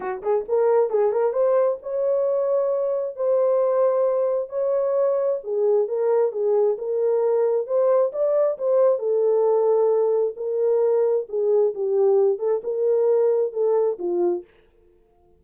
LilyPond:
\new Staff \with { instrumentName = "horn" } { \time 4/4 \tempo 4 = 133 fis'8 gis'8 ais'4 gis'8 ais'8 c''4 | cis''2. c''4~ | c''2 cis''2 | gis'4 ais'4 gis'4 ais'4~ |
ais'4 c''4 d''4 c''4 | a'2. ais'4~ | ais'4 gis'4 g'4. a'8 | ais'2 a'4 f'4 | }